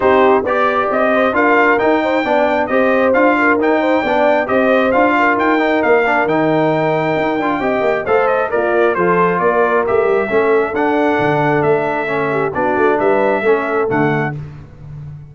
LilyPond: <<
  \new Staff \with { instrumentName = "trumpet" } { \time 4/4 \tempo 4 = 134 c''4 d''4 dis''4 f''4 | g''2 dis''4 f''4 | g''2 dis''4 f''4 | g''4 f''4 g''2~ |
g''2 f''8 dis''8 d''4 | c''4 d''4 e''2 | fis''2 e''2 | d''4 e''2 fis''4 | }
  \new Staff \with { instrumentName = "horn" } { \time 4/4 g'4 d''4. c''8 ais'4~ | ais'8 c''8 d''4 c''4. ais'8~ | ais'8 c''8 d''4 c''4. ais'8~ | ais'1~ |
ais'4 dis''4 c''4 f'4 | a'4 ais'2 a'4~ | a'2.~ a'8 g'8 | fis'4 b'4 a'2 | }
  \new Staff \with { instrumentName = "trombone" } { \time 4/4 dis'4 g'2 f'4 | dis'4 d'4 g'4 f'4 | dis'4 d'4 g'4 f'4~ | f'8 dis'4 d'8 dis'2~ |
dis'8 f'8 g'4 a'4 ais'4 | f'2 g'4 cis'4 | d'2. cis'4 | d'2 cis'4 a4 | }
  \new Staff \with { instrumentName = "tuba" } { \time 4/4 c'4 b4 c'4 d'4 | dis'4 b4 c'4 d'4 | dis'4 b4 c'4 d'4 | dis'4 ais4 dis2 |
dis'8 d'8 c'8 ais8 a4 ais4 | f4 ais4 a8 g8 a4 | d'4 d4 a2 | b8 a8 g4 a4 d4 | }
>>